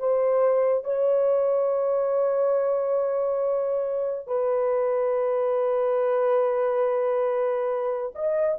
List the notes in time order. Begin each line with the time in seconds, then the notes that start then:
0.00 C5
0.85 C#5
4.27 B4
8.15 D#5